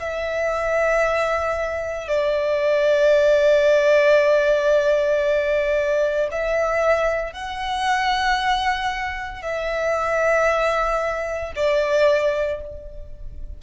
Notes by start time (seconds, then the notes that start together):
0.00 E5
2.09 D5
6.32 E5
7.33 F#5
9.43 E5
11.56 D5